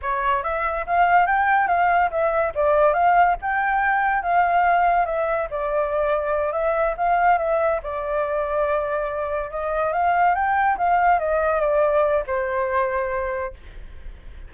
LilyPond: \new Staff \with { instrumentName = "flute" } { \time 4/4 \tempo 4 = 142 cis''4 e''4 f''4 g''4 | f''4 e''4 d''4 f''4 | g''2 f''2 | e''4 d''2~ d''8 e''8~ |
e''8 f''4 e''4 d''4.~ | d''2~ d''8 dis''4 f''8~ | f''8 g''4 f''4 dis''4 d''8~ | d''4 c''2. | }